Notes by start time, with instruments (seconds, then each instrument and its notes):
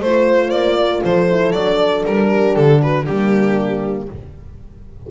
0.00 double bass A3, horn F4 C5, violin C5
0.50 double bass A#3, violin D5
0.78 horn A#4
1.03 double bass F3, horn A4, violin C5
1.30 horn E4
1.52 double bass F#3, horn D4, violin D5
2.05 double bass G3, violin A#4
2.28 horn G4
2.56 double bass D3, violin A4
2.82 horn F#4, violin B4
3.04 double bass G3, horn A#3 D4, violin G4